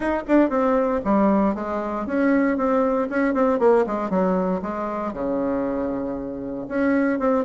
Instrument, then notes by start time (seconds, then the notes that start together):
bassoon
0.00 D#4
0.27 D4
0.49 C4
1.04 G3
1.55 G#3
2.06 C#4
2.57 C4
3.09 C#4
3.34 C4
3.59 A#3
3.86 G#3
4.09 F#3
4.62 G#3
5.13 C#3
6.68 C#4
7.19 C4